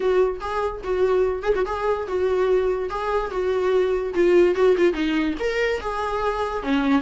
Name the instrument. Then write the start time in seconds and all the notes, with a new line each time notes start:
viola
0.00 F#4
0.40 G#4
0.83 F#4
1.42 G#4
1.55 F#4
1.65 G#4
2.07 F#4
2.89 G#4
3.30 F#4
4.13 F4
4.55 F#4
4.77 F4
4.93 D#4
5.39 A#4
5.80 G#4
6.62 C#4